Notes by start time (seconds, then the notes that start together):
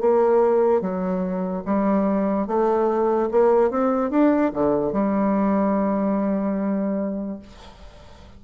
0.00 A#3
0.81 F#3
1.65 G3
2.47 A3
3.31 A#3
3.70 C4
4.10 D4
4.53 D3
4.92 G3